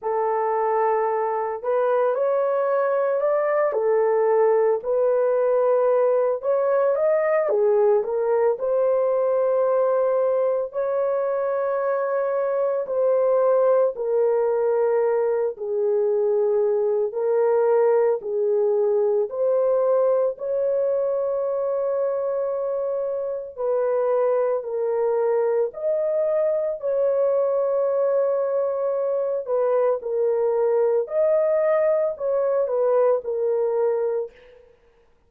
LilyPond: \new Staff \with { instrumentName = "horn" } { \time 4/4 \tempo 4 = 56 a'4. b'8 cis''4 d''8 a'8~ | a'8 b'4. cis''8 dis''8 gis'8 ais'8 | c''2 cis''2 | c''4 ais'4. gis'4. |
ais'4 gis'4 c''4 cis''4~ | cis''2 b'4 ais'4 | dis''4 cis''2~ cis''8 b'8 | ais'4 dis''4 cis''8 b'8 ais'4 | }